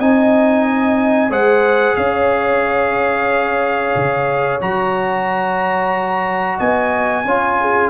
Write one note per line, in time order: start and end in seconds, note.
0.00 1.31 C4
0.00 1.31 D#4
0.00 1.31 D#5
0.00 1.32 G#5
1.31 1.97 G#3
1.31 4.60 G#4
1.31 1.97 C5
1.31 1.96 F#5
1.96 3.95 C#4
1.96 6.58 C#5
1.96 4.60 F5
3.96 4.61 C#3
4.61 6.59 F#3
4.61 7.25 F#4
4.61 6.59 A#5
6.58 7.26 B3
6.58 7.24 D#5
6.58 7.90 G#5
7.25 7.90 C#4
7.25 7.90 F4
7.25 7.58 C#5
7.61 7.90 G#4